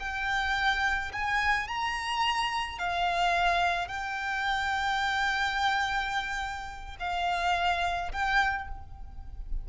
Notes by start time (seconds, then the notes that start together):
0.00 G5
1.13 G#5
1.68 A#5
2.79 F5
3.88 G5
7.00 F5
8.12 G5